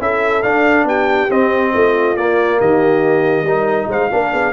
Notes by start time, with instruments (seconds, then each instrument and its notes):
0.00 tuba C#4, trombone E4, horn A4, trumpet E5
0.43 trombone D4, tuba D4, trumpet F5
0.84 tuba B3, horn G4, trumpet G5
1.29 tuba C4, trombone C4, trumpet D#5
1.74 tuba A3, horn F4
2.17 trombone A#3, tuba A#3, trumpet D5
2.59 tuba D#3, horn G4, trumpet D#5
3.42 tuba G3, trombone D#4, horn A#4
3.88 tuba G#3, horn C5, trumpet F5
4.11 tuba A#3, trombone D4, horn A#4
4.32 tuba B3, horn G#4